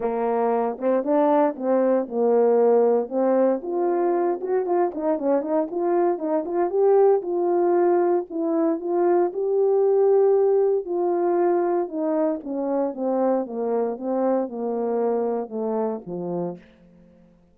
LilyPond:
\new Staff \with { instrumentName = "horn" } { \time 4/4 \tempo 4 = 116 ais4. c'8 d'4 c'4 | ais2 c'4 f'4~ | f'8 fis'8 f'8 dis'8 cis'8 dis'8 f'4 | dis'8 f'8 g'4 f'2 |
e'4 f'4 g'2~ | g'4 f'2 dis'4 | cis'4 c'4 ais4 c'4 | ais2 a4 f4 | }